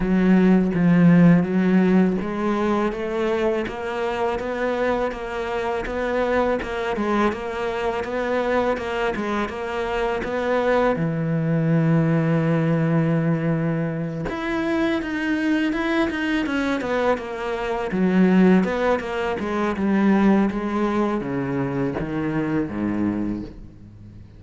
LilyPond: \new Staff \with { instrumentName = "cello" } { \time 4/4 \tempo 4 = 82 fis4 f4 fis4 gis4 | a4 ais4 b4 ais4 | b4 ais8 gis8 ais4 b4 | ais8 gis8 ais4 b4 e4~ |
e2.~ e8 e'8~ | e'8 dis'4 e'8 dis'8 cis'8 b8 ais8~ | ais8 fis4 b8 ais8 gis8 g4 | gis4 cis4 dis4 gis,4 | }